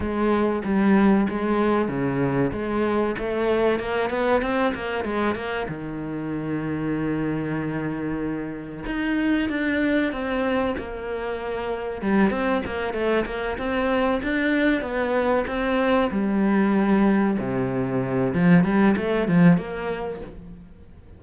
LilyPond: \new Staff \with { instrumentName = "cello" } { \time 4/4 \tempo 4 = 95 gis4 g4 gis4 cis4 | gis4 a4 ais8 b8 c'8 ais8 | gis8 ais8 dis2.~ | dis2 dis'4 d'4 |
c'4 ais2 g8 c'8 | ais8 a8 ais8 c'4 d'4 b8~ | b8 c'4 g2 c8~ | c4 f8 g8 a8 f8 ais4 | }